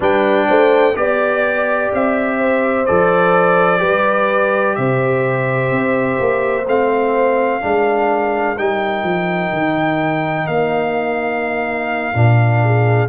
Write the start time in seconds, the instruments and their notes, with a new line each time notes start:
0.00 tuba G3, trombone D4, horn B4, trumpet G5
0.47 tuba A3, horn C5
0.95 tuba B3, trombone G4, trumpet D5, horn D5
1.93 tuba C4, trumpet E5
2.38 horn C5
2.85 tuba F3, trombone A4, trumpet D5
3.78 tuba G3, trombone G4, horn B4
4.75 tuba C3, horn C5, trumpet E5
5.71 tuba C4
6.19 tuba A#3
6.66 tuba A3, trombone C4, trumpet F5
7.59 tuba G#3, trombone D4, horn A#4
8.58 tuba G3, trombone D#4, trumpet G5
9.03 tuba F3
9.52 tuba D#3
10.46 tuba A#3, trumpet F5
12.13 tuba A#2, trombone D4
12.62 horn G#4